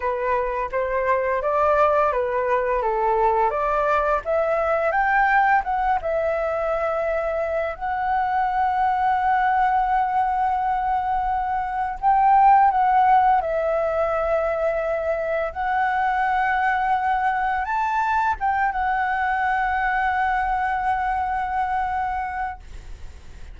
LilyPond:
\new Staff \with { instrumentName = "flute" } { \time 4/4 \tempo 4 = 85 b'4 c''4 d''4 b'4 | a'4 d''4 e''4 g''4 | fis''8 e''2~ e''8 fis''4~ | fis''1~ |
fis''4 g''4 fis''4 e''4~ | e''2 fis''2~ | fis''4 a''4 g''8 fis''4.~ | fis''1 | }